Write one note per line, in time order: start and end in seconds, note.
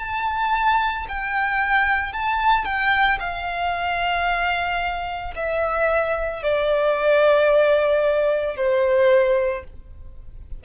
0.00 1.07 A5
1.09 2.13 G5
2.13 2.65 A5
2.65 3.19 G5
3.20 5.34 F5
5.36 6.43 E5
6.43 8.57 D5
8.57 9.64 C5